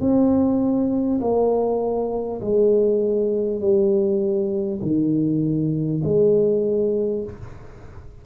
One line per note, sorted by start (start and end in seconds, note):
0.00 1.20 C4
1.20 2.40 A#3
2.41 3.61 G#3
3.61 4.81 G3
4.81 6.01 D#3
6.03 7.23 G#3